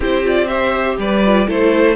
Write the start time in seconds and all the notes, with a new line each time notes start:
0.00 C4 E4 G4 C5
0.23 F4 D5
0.47 G4 C5 E5
0.98 G3 B4 D5
1.25 F4
1.47 A3 E4 A4 C5